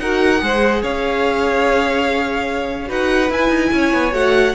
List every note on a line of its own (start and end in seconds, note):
0.00 0.41 D#4
0.00 0.39 F#4
0.00 0.43 A#4
0.00 0.83 F#5
0.39 0.83 G#3
0.39 2.87 G#4
0.39 0.82 C5
0.82 2.90 C#4
0.82 2.89 C#5
0.82 2.91 F5
2.87 3.31 D#4
2.87 3.28 F#4
2.87 3.71 B4
2.87 3.32 F#5
3.31 3.49 E4
3.31 4.12 E4
3.31 4.14 G#5
3.49 3.70 D#4
3.73 3.93 C#4
3.73 4.55 C#5
3.93 4.14 B3
4.12 4.55 A3
4.12 4.54 F#4
4.12 4.55 F#5